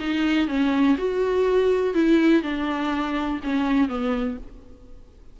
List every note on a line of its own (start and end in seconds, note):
0.00 0.48 D#4
0.48 0.97 C#4
0.98 1.94 F#4
1.94 2.43 E4
2.43 3.40 D4
3.43 3.89 C#4
3.89 4.37 B3